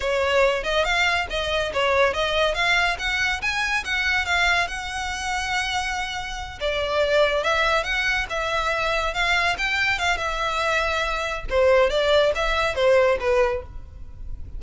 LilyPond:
\new Staff \with { instrumentName = "violin" } { \time 4/4 \tempo 4 = 141 cis''4. dis''8 f''4 dis''4 | cis''4 dis''4 f''4 fis''4 | gis''4 fis''4 f''4 fis''4~ | fis''2.~ fis''8 d''8~ |
d''4. e''4 fis''4 e''8~ | e''4. f''4 g''4 f''8 | e''2. c''4 | d''4 e''4 c''4 b'4 | }